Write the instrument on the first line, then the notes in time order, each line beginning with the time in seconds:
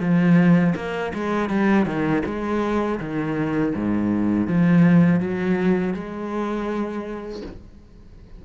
cello
0.00 F3
0.75 A#3
1.14 G#3
1.49 G3
1.86 D#3
2.25 G#3
2.99 D#3
3.75 G#2
4.47 F3
5.20 F#3
5.93 G#3